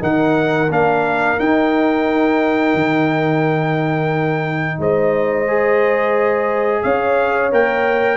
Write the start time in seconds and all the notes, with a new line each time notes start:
0.00 D#3 D#4 A#4 F#5
0.70 A#3 D4 F5
1.38 D#4 G5
2.75 D#3
4.79 G#3 C5 D#5
5.48 G#4
6.83 C#4 C#5 F5
7.52 A#3 A#4 G5